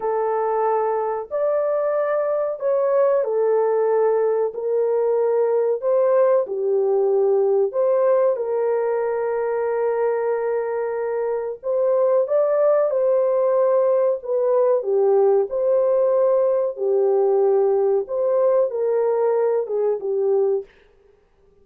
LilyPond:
\new Staff \with { instrumentName = "horn" } { \time 4/4 \tempo 4 = 93 a'2 d''2 | cis''4 a'2 ais'4~ | ais'4 c''4 g'2 | c''4 ais'2.~ |
ais'2 c''4 d''4 | c''2 b'4 g'4 | c''2 g'2 | c''4 ais'4. gis'8 g'4 | }